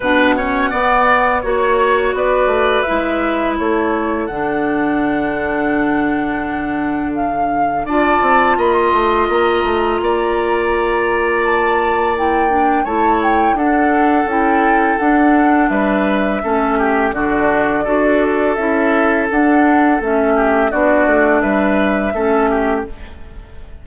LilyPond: <<
  \new Staff \with { instrumentName = "flute" } { \time 4/4 \tempo 4 = 84 fis''2 cis''4 d''4 | e''4 cis''4 fis''2~ | fis''2 f''4 a''4 | b''16 c'''8. ais''2. |
a''4 g''4 a''8 g''8 fis''4 | g''4 fis''4 e''2 | d''2 e''4 fis''4 | e''4 d''4 e''2 | }
  \new Staff \with { instrumentName = "oboe" } { \time 4/4 b'8 cis''8 d''4 cis''4 b'4~ | b'4 a'2.~ | a'2. d''4 | dis''2 d''2~ |
d''2 cis''4 a'4~ | a'2 b'4 a'8 g'8 | fis'4 a'2.~ | a'8 g'8 fis'4 b'4 a'8 g'8 | }
  \new Staff \with { instrumentName = "clarinet" } { \time 4/4 d'8 cis'8 b4 fis'2 | e'2 d'2~ | d'2. f'4~ | f'1~ |
f'4 e'8 d'8 e'4 d'4 | e'4 d'2 cis'4 | d'4 fis'4 e'4 d'4 | cis'4 d'2 cis'4 | }
  \new Staff \with { instrumentName = "bassoon" } { \time 4/4 b,4 b4 ais4 b8 a8 | gis4 a4 d2~ | d2. d'8 c'8 | ais8 a8 ais8 a8 ais2~ |
ais2 a4 d'4 | cis'4 d'4 g4 a4 | d4 d'4 cis'4 d'4 | a4 b8 a8 g4 a4 | }
>>